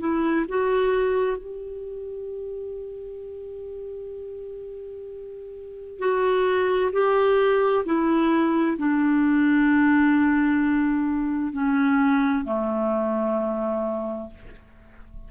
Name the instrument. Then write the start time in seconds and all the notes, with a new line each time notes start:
clarinet
0.00 E4
0.49 F#4
1.38 G4
6.00 F#4
6.93 G4
7.85 E4
8.78 D4
11.53 C#4
12.45 A3